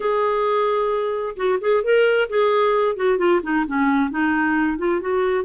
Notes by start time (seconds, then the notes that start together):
0.00 G#4
1.36 F#4
1.60 G#4
1.83 A#4
2.29 G#4
2.95 F#4
3.18 F4
3.42 D#4
3.67 C#4
4.10 D#4
4.77 F4
5.00 F#4